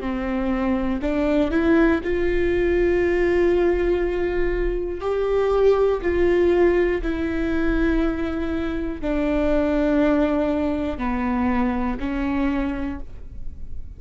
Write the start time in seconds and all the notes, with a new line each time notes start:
0.00 C4
1.02 D4
1.50 E4
2.04 F4
5.01 G4
6.02 F4
7.02 E4
9.01 D4
10.98 B3
12.00 C#4